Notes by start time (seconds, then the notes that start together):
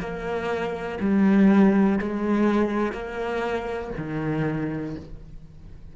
0.00 A#3
1.01 G3
1.99 G#3
2.92 A#3
3.97 D#3